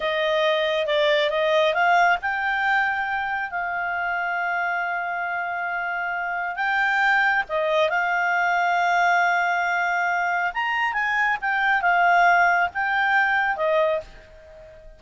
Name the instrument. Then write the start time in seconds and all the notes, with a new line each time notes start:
clarinet
0.00 D#5
0.86 D5
1.30 D#5
1.73 F5
2.21 G5
3.50 F5
6.56 G5
7.49 D#5
7.89 F5
10.53 A#5
10.93 G#5
11.41 G5
11.81 F5
12.74 G5
13.56 D#5